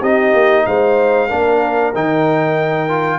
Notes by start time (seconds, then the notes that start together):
0.00 C4 D#4 G4 D#5
0.33 A#3
0.66 G#3 C5 F5
1.28 A#3 D4 A#4
1.94 D#3 D#4 G5
2.89 F4